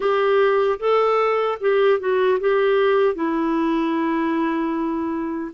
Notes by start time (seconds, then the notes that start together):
0.00 G4
0.79 A4
1.60 G4
1.99 F#4
2.40 G4
3.14 E4